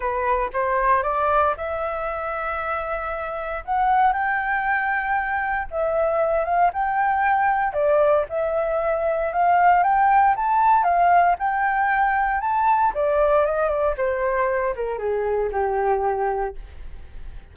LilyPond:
\new Staff \with { instrumentName = "flute" } { \time 4/4 \tempo 4 = 116 b'4 c''4 d''4 e''4~ | e''2. fis''4 | g''2. e''4~ | e''8 f''8 g''2 d''4 |
e''2 f''4 g''4 | a''4 f''4 g''2 | a''4 d''4 dis''8 d''8 c''4~ | c''8 ais'8 gis'4 g'2 | }